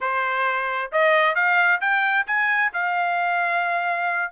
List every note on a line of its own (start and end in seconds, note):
0.00 0.91 C5
0.92 1.35 D#5
1.35 1.80 F5
1.81 2.26 G5
2.26 2.72 G#5
2.73 4.31 F5